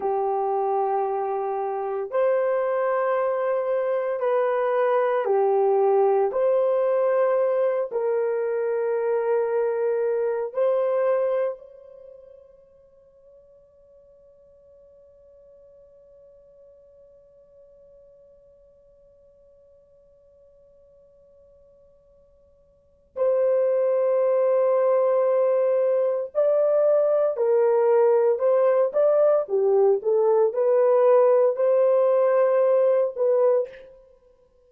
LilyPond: \new Staff \with { instrumentName = "horn" } { \time 4/4 \tempo 4 = 57 g'2 c''2 | b'4 g'4 c''4. ais'8~ | ais'2 c''4 cis''4~ | cis''1~ |
cis''1~ | cis''2 c''2~ | c''4 d''4 ais'4 c''8 d''8 | g'8 a'8 b'4 c''4. b'8 | }